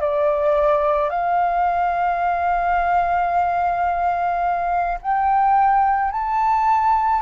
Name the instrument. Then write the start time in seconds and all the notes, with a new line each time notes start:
flute
0.00 D5
1.10 F5
5.01 G5
6.11 A5